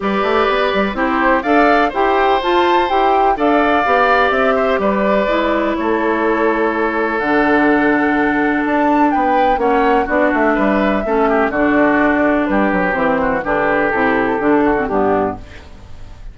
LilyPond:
<<
  \new Staff \with { instrumentName = "flute" } { \time 4/4 \tempo 4 = 125 d''2 c''4 f''4 | g''4 a''4 g''4 f''4~ | f''4 e''4 d''2 | cis''2. fis''4~ |
fis''2 a''4 g''4 | fis''4 d''8 e''2~ e''8 | d''2 b'4 c''4 | b'4 a'2 g'4 | }
  \new Staff \with { instrumentName = "oboe" } { \time 4/4 b'2 g'4 d''4 | c''2. d''4~ | d''4. c''8 b'2 | a'1~ |
a'2. b'4 | cis''4 fis'4 b'4 a'8 g'8 | fis'2 g'4. fis'8 | g'2~ g'8 fis'8 d'4 | }
  \new Staff \with { instrumentName = "clarinet" } { \time 4/4 g'2 e'4 a'4 | g'4 f'4 g'4 a'4 | g'2. e'4~ | e'2. d'4~ |
d'1 | cis'4 d'2 cis'4 | d'2. c'4 | d'4 e'4 d'8. c'16 b4 | }
  \new Staff \with { instrumentName = "bassoon" } { \time 4/4 g8 a8 b8 g8 c'4 d'4 | e'4 f'4 e'4 d'4 | b4 c'4 g4 gis4 | a2. d4~ |
d2 d'4 b4 | ais4 b8 a8 g4 a4 | d2 g8 fis8 e4 | d4 c4 d4 g,4 | }
>>